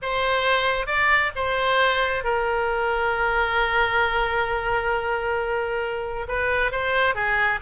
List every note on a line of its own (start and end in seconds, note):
0.02 0.86 C5
0.86 1.31 D5
1.35 2.24 C5
2.24 6.27 A#4
6.27 6.71 B4
6.71 7.14 C5
7.14 7.59 G#4